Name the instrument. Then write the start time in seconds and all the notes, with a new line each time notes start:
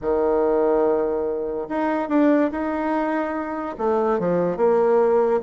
bassoon
0.01 D#3
1.68 D#4
2.08 D4
2.51 D#4
3.78 A3
4.19 F3
4.56 A#3